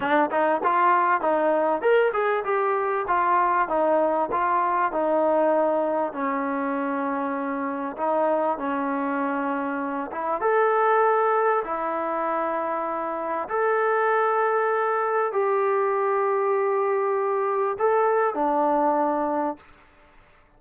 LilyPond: \new Staff \with { instrumentName = "trombone" } { \time 4/4 \tempo 4 = 98 d'8 dis'8 f'4 dis'4 ais'8 gis'8 | g'4 f'4 dis'4 f'4 | dis'2 cis'2~ | cis'4 dis'4 cis'2~ |
cis'8 e'8 a'2 e'4~ | e'2 a'2~ | a'4 g'2.~ | g'4 a'4 d'2 | }